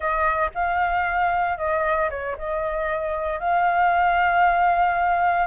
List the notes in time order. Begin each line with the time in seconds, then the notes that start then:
0.00 D#5
0.54 F5
1.57 D#5
2.10 C#5
2.38 D#5
3.39 F5